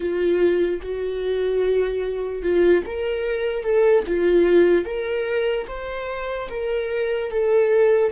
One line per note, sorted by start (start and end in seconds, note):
0.00 0.80 F4
0.82 2.42 F#4
2.42 2.83 F4
2.86 3.63 A#4
3.63 4.03 A4
4.07 4.85 F4
4.85 5.66 A#4
5.67 6.48 C5
6.49 7.30 A#4
7.30 8.12 A4